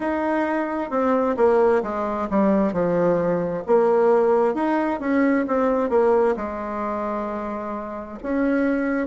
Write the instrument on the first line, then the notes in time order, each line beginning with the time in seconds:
bassoon
0.00 D#4
0.90 C4
1.36 A#3
1.82 G#3
2.30 G3
2.72 F3
3.66 A#3
4.54 D#4
5.00 C#4
5.47 C4
5.89 A#3
6.36 G#3
8.23 C#4